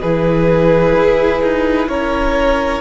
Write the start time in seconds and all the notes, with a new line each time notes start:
0.00 E3 E4 G#4 B4
0.95 E4
1.42 D#4
1.87 C#4 A#4 C#5